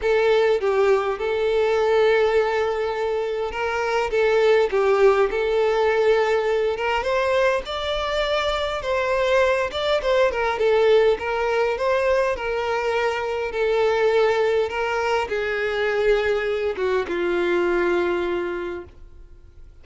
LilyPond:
\new Staff \with { instrumentName = "violin" } { \time 4/4 \tempo 4 = 102 a'4 g'4 a'2~ | a'2 ais'4 a'4 | g'4 a'2~ a'8 ais'8 | c''4 d''2 c''4~ |
c''8 d''8 c''8 ais'8 a'4 ais'4 | c''4 ais'2 a'4~ | a'4 ais'4 gis'2~ | gis'8 fis'8 f'2. | }